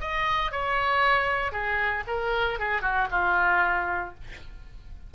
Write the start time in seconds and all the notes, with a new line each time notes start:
0.00 D#5
0.51 C#5
1.52 G#4
2.07 A#4
2.59 G#4
2.81 F#4
3.11 F4